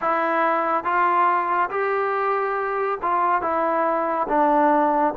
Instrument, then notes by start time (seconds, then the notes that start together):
trombone
0.01 E4
0.84 F4
1.69 G4
3.02 F4
3.41 E4
4.28 D4